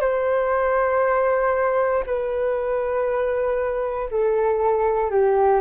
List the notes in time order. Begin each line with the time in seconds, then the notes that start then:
0.00 C5
2.06 B4
4.10 A4
5.10 G4